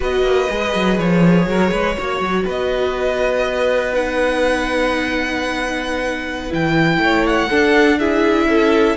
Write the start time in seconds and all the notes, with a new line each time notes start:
0.00 B3 F#4 B4 D#5
0.22 A#3
0.49 G#3 G#4
0.74 F#3
0.98 F3 C#5
1.46 F#3 A#4
1.70 G#3 B4
1.98 A#3 F#4 C#5
2.20 F#3
2.44 B3 B4 D#5
3.92 D#4 F#5
6.50 E3 E4 G5
6.98 A3 C#5
7.26 F#5
7.49 D4 A4
7.98 E4 G#4 E5
8.46 C#4 A4